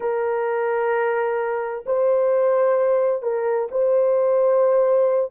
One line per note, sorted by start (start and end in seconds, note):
0.00 1.84 A#4
1.85 3.22 C5
3.22 3.68 A#4
3.71 5.31 C5